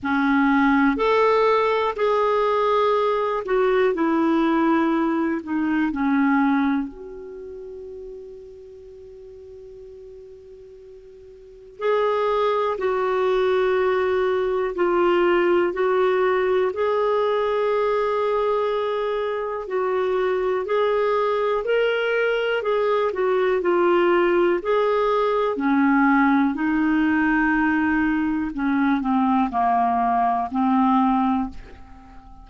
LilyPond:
\new Staff \with { instrumentName = "clarinet" } { \time 4/4 \tempo 4 = 61 cis'4 a'4 gis'4. fis'8 | e'4. dis'8 cis'4 fis'4~ | fis'1 | gis'4 fis'2 f'4 |
fis'4 gis'2. | fis'4 gis'4 ais'4 gis'8 fis'8 | f'4 gis'4 cis'4 dis'4~ | dis'4 cis'8 c'8 ais4 c'4 | }